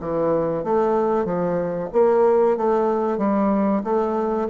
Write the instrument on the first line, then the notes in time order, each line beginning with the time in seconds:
bassoon
0.00 E3
0.64 A3
1.25 F3
1.92 A#3
2.57 A3
3.18 G3
3.83 A3